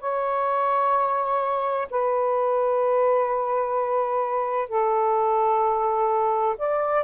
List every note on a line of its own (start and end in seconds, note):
0.00 1.87 C#5
1.90 4.68 B4
4.68 6.56 A4
6.58 7.04 D5